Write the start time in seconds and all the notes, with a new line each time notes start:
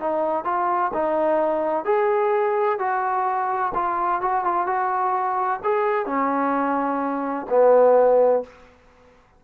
0.00 D#4
0.45 F4
0.94 D#4
1.85 G#4
2.79 F#4
3.74 F4
4.21 F#4
4.44 F4
4.66 F#4
5.64 G#4
6.06 C#4
7.50 B3